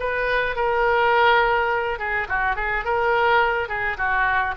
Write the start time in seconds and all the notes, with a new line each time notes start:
0.00 B4
0.56 A#4
1.99 G#4
2.29 F#4
2.56 G#4
2.85 A#4
3.69 G#4
3.97 F#4